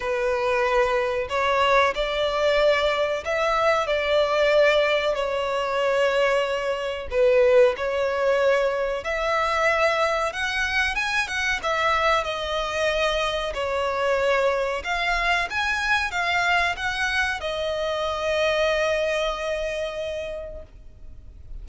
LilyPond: \new Staff \with { instrumentName = "violin" } { \time 4/4 \tempo 4 = 93 b'2 cis''4 d''4~ | d''4 e''4 d''2 | cis''2. b'4 | cis''2 e''2 |
fis''4 gis''8 fis''8 e''4 dis''4~ | dis''4 cis''2 f''4 | gis''4 f''4 fis''4 dis''4~ | dis''1 | }